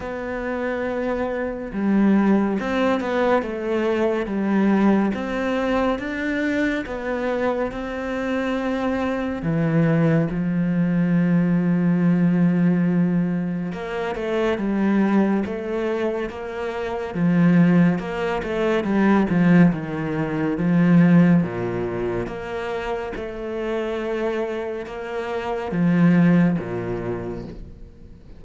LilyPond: \new Staff \with { instrumentName = "cello" } { \time 4/4 \tempo 4 = 70 b2 g4 c'8 b8 | a4 g4 c'4 d'4 | b4 c'2 e4 | f1 |
ais8 a8 g4 a4 ais4 | f4 ais8 a8 g8 f8 dis4 | f4 ais,4 ais4 a4~ | a4 ais4 f4 ais,4 | }